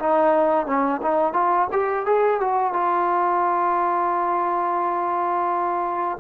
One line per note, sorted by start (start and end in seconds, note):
0.00 0.66 D#4
0.66 1.01 C#4
1.03 1.34 D#4
1.34 1.68 F4
1.72 2.06 G4
2.06 2.41 G#4
2.41 2.73 F#4
2.73 6.18 F4